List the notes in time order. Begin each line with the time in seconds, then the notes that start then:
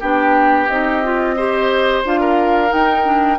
0.00 B3 D4 G4 G5
0.68 C4 D#4 D#5
1.03 F4
1.37 G4 C5
2.04 D4 F4 F5
2.20 A#4
2.68 D#4 G5
3.04 D4